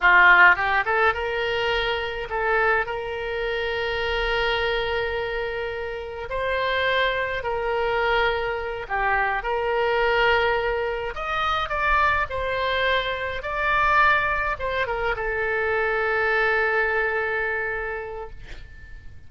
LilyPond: \new Staff \with { instrumentName = "oboe" } { \time 4/4 \tempo 4 = 105 f'4 g'8 a'8 ais'2 | a'4 ais'2.~ | ais'2. c''4~ | c''4 ais'2~ ais'8 g'8~ |
g'8 ais'2. dis''8~ | dis''8 d''4 c''2 d''8~ | d''4. c''8 ais'8 a'4.~ | a'1 | }